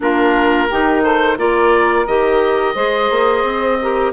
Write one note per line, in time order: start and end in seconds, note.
0.00 0.69 A#3
0.00 0.68 D4
0.00 0.68 F4
0.00 1.03 A#4
0.68 1.37 D#3
0.68 1.37 D#4
0.68 1.02 G4
1.02 1.37 A4
1.02 1.38 C5
1.37 2.06 A#3
1.37 2.06 F4
1.37 2.74 A#4
1.37 2.06 D5
2.06 2.75 D#3
2.06 2.74 G4
2.06 4.12 D#5
2.74 3.09 G#3
2.74 3.78 G#4
2.74 3.77 C5
3.10 3.43 A#3
3.43 4.12 C4
3.81 4.12 G4
3.81 4.12 A#4